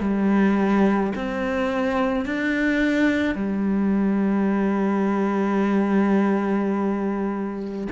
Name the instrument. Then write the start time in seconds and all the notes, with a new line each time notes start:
cello
0.00 G3
1.15 C4
2.25 D4
3.35 G3